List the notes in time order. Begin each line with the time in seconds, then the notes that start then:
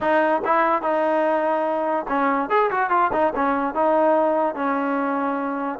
0.00 D#4
0.44 E4
0.82 D#4
2.08 C#4
2.49 G#4
2.70 F#4
2.90 F4
3.12 D#4
3.35 C#4
3.74 D#4
4.55 C#4